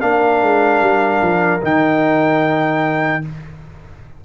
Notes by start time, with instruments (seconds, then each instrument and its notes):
0.00 tuba A#3, trombone D4, horn A#4, trumpet F5
0.41 tuba G#3
0.81 tuba G3
1.21 tuba F3
1.61 tuba D#3, trombone D#4, trumpet G5